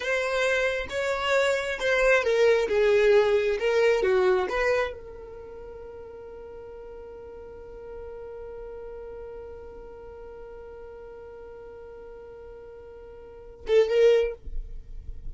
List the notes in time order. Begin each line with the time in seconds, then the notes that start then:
0.00 C5
0.89 C#5
1.79 C5
2.23 A#4
2.68 G#4
3.59 A#4
4.02 F#4
4.49 B4
4.93 A#4
13.67 A4
13.89 A#4